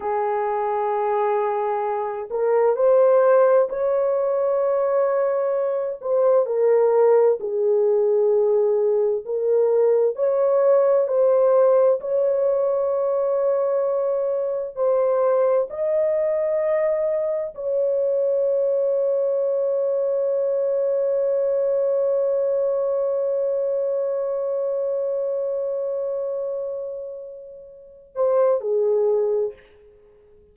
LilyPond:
\new Staff \with { instrumentName = "horn" } { \time 4/4 \tempo 4 = 65 gis'2~ gis'8 ais'8 c''4 | cis''2~ cis''8 c''8 ais'4 | gis'2 ais'4 cis''4 | c''4 cis''2. |
c''4 dis''2 cis''4~ | cis''1~ | cis''1~ | cis''2~ cis''8 c''8 gis'4 | }